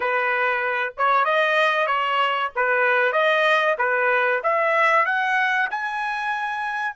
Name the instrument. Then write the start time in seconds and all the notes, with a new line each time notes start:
trumpet
0.00 B4
0.97 C#5
1.25 D#5
1.86 C#5
2.56 B4
3.12 D#5
3.78 B4
4.43 E5
5.05 F#5
5.70 G#5